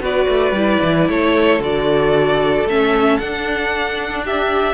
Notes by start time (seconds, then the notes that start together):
0.00 B3 F#4 B4 D5
0.28 A3
0.52 G3 E4
0.82 E3
1.09 A3 A4 C#5
1.59 D3 F#4 D5
2.66 A3 C#4 E5
3.18 D4 F#5
4.24 G4 E5